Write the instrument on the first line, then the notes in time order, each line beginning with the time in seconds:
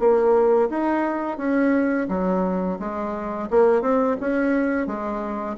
bassoon
0.00 A#3
0.70 D#4
1.38 C#4
2.09 F#3
2.80 G#3
3.51 A#3
3.82 C4
4.21 C#4
4.87 G#3